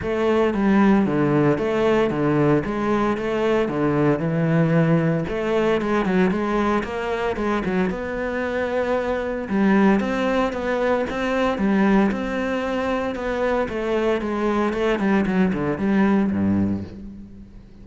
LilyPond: \new Staff \with { instrumentName = "cello" } { \time 4/4 \tempo 4 = 114 a4 g4 d4 a4 | d4 gis4 a4 d4 | e2 a4 gis8 fis8 | gis4 ais4 gis8 fis8 b4~ |
b2 g4 c'4 | b4 c'4 g4 c'4~ | c'4 b4 a4 gis4 | a8 g8 fis8 d8 g4 g,4 | }